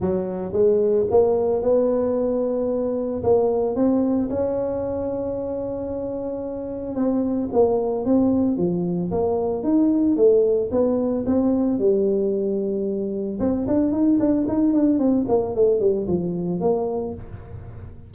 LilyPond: \new Staff \with { instrumentName = "tuba" } { \time 4/4 \tempo 4 = 112 fis4 gis4 ais4 b4~ | b2 ais4 c'4 | cis'1~ | cis'4 c'4 ais4 c'4 |
f4 ais4 dis'4 a4 | b4 c'4 g2~ | g4 c'8 d'8 dis'8 d'8 dis'8 d'8 | c'8 ais8 a8 g8 f4 ais4 | }